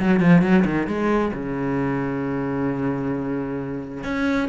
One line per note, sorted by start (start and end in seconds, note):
0.00 0.20 F#3
0.20 0.42 F3
0.42 0.65 F#3
0.65 0.87 D#3
0.87 1.32 G#3
1.34 4.04 C#3
4.04 4.49 C#4